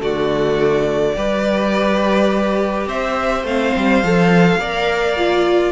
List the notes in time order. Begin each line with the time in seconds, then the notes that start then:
0.00 D3 A3 F#4 D5
1.16 G3 G4 B4
2.87 C4 C5 E5
3.44 A3 C4 F5
3.77 G3
4.04 F3 A4
4.57 A#3 A#4 D5
5.17 F4